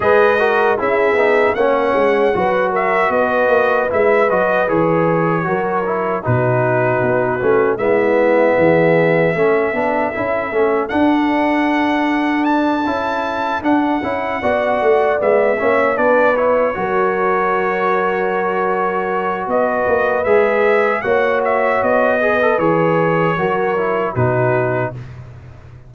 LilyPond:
<<
  \new Staff \with { instrumentName = "trumpet" } { \time 4/4 \tempo 4 = 77 dis''4 e''4 fis''4. e''8 | dis''4 e''8 dis''8 cis''2 | b'2 e''2~ | e''2 fis''2 |
a''4. fis''2 e''8~ | e''8 d''8 cis''2.~ | cis''4 dis''4 e''4 fis''8 e''8 | dis''4 cis''2 b'4 | }
  \new Staff \with { instrumentName = "horn" } { \time 4/4 b'8 ais'8 gis'4 cis''4 b'8 ais'8 | b'2. ais'4 | fis'2 e'4 gis'4 | a'1~ |
a'2~ a'8 d''4. | cis''8 b'4 ais'2~ ais'8~ | ais'4 b'2 cis''4~ | cis''8 b'4. ais'4 fis'4 | }
  \new Staff \with { instrumentName = "trombone" } { \time 4/4 gis'8 fis'8 e'8 dis'8 cis'4 fis'4~ | fis'4 e'8 fis'8 gis'4 fis'8 e'8 | dis'4. cis'8 b2 | cis'8 d'8 e'8 cis'8 d'2~ |
d'8 e'4 d'8 e'8 fis'4 b8 | cis'8 d'8 e'8 fis'2~ fis'8~ | fis'2 gis'4 fis'4~ | fis'8 gis'16 a'16 gis'4 fis'8 e'8 dis'4 | }
  \new Staff \with { instrumentName = "tuba" } { \time 4/4 gis4 cis'8 b8 ais8 gis8 fis4 | b8 ais8 gis8 fis8 e4 fis4 | b,4 b8 a8 gis4 e4 | a8 b8 cis'8 a8 d'2~ |
d'8 cis'4 d'8 cis'8 b8 a8 gis8 | ais8 b4 fis2~ fis8~ | fis4 b8 ais8 gis4 ais4 | b4 e4 fis4 b,4 | }
>>